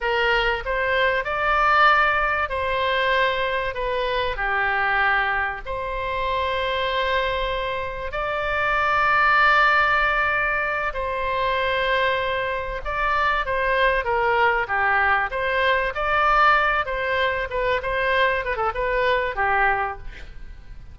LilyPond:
\new Staff \with { instrumentName = "oboe" } { \time 4/4 \tempo 4 = 96 ais'4 c''4 d''2 | c''2 b'4 g'4~ | g'4 c''2.~ | c''4 d''2.~ |
d''4. c''2~ c''8~ | c''8 d''4 c''4 ais'4 g'8~ | g'8 c''4 d''4. c''4 | b'8 c''4 b'16 a'16 b'4 g'4 | }